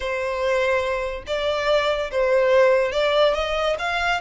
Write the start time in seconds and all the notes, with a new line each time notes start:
0.00 C5
1.26 D5
2.11 C5
2.92 D5
3.34 D#5
3.78 F5